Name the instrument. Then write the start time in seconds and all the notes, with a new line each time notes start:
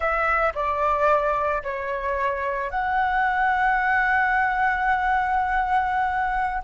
flute
0.00 E5
0.54 D5
1.63 C#5
2.70 F#5